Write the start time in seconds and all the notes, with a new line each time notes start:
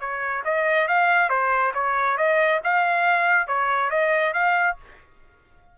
0.00 C#5
0.45 D#5
0.88 F5
1.29 C5
1.74 C#5
2.17 D#5
2.64 F5
3.47 C#5
3.90 D#5
4.33 F5